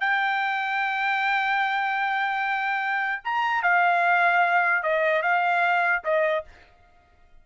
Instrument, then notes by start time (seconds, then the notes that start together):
trumpet
0.00 G5
3.24 A#5
3.62 F5
4.83 D#5
5.22 F5
6.04 D#5